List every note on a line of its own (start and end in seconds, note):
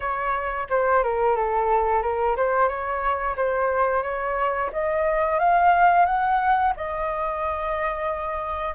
0.00 0.67 C#5
0.69 1.03 C5
1.03 1.35 A#4
1.35 2.02 A4
2.02 2.36 A#4
2.36 2.68 C5
2.68 3.35 C#5
3.36 4.03 C5
4.03 4.70 C#5
4.72 5.39 D#5
5.39 6.05 F5
6.05 6.73 F#5
6.76 8.74 D#5